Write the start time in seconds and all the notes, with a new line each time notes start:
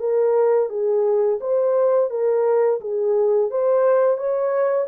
0.00 A#4
0.70 G#4
1.41 C5
2.11 A#4
2.81 G#4
3.51 C5
4.18 C#5